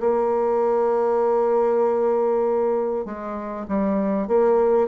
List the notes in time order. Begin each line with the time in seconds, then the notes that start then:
0.00 A#3
3.06 G#3
3.68 G3
4.28 A#3